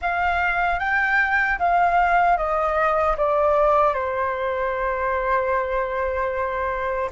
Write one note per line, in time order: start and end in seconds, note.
0.01 0.79 F5
0.79 1.58 G5
1.58 2.37 F5
2.37 3.16 D#5
3.17 3.94 D5
3.94 7.09 C5